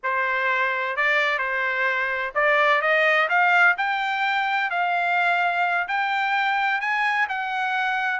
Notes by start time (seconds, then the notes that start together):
0.03 C5
0.96 D5
1.38 C5
2.34 D5
2.81 D#5
3.29 F5
3.77 G5
4.70 F5
5.87 G5
6.80 G#5
7.28 F#5